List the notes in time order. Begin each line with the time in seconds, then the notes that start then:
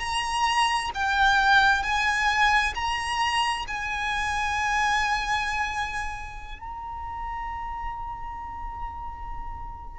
0.00 A#5
0.95 G5
1.83 G#5
2.75 A#5
3.68 G#5
6.60 A#5